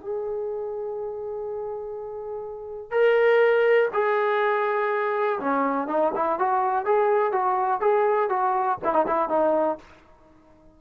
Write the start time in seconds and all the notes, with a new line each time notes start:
0.00 G#4
2.91 A#4
3.93 G#4
5.39 C#4
5.87 D#4
6.15 E4
6.39 F#4
6.85 G#4
7.32 F#4
7.80 G#4
8.29 F#4
8.84 E4
8.93 D#4
9.06 E4
9.29 D#4